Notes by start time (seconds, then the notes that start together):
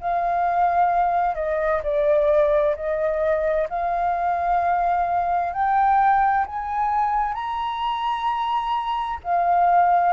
0.00 F5
1.35 D#5
1.83 D5
2.75 D#5
3.69 F5
5.53 G5
6.46 G#5
7.34 A#5
9.23 F5